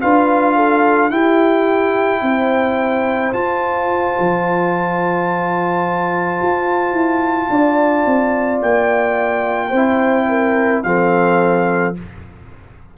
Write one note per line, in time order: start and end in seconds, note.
0.00 1.11 D4
0.00 1.11 F4
0.00 0.56 B4
0.00 1.11 F5
0.56 1.11 A4
1.11 2.22 E4
1.11 3.34 E4
1.11 2.22 G4
1.11 3.33 G5
2.22 3.33 C4
2.22 7.49 C5
3.33 4.16 F4
3.33 9.72 F4
3.33 8.61 A5
4.19 6.42 F3
6.42 6.92 F4
6.92 7.48 E4
7.50 8.05 D4
7.50 9.69 D5
8.06 8.62 C4
8.62 9.72 A#3
8.62 10.83 G5
9.69 10.83 C4
9.69 10.25 C5
9.76 10.84 E4
10.28 10.84 A#4
10.83 11.96 F3
10.83 11.95 C4
10.83 11.98 A4
10.83 11.94 F5